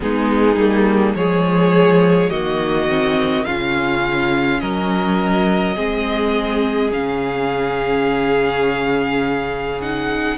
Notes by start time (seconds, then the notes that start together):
0.00 G#3 B3 D#4 G#4
0.56 G3 A#3
1.15 F3 G#3 G#4 C#5
2.30 D#3 A#3 F#4 D#5
2.88 C4
3.44 C#3 C#4 F4 F5
4.60 F#3 A#4 D#5
5.75 G#3 C4 G#4
6.92 C#3 C#4 F5
9.81 D#4 F#5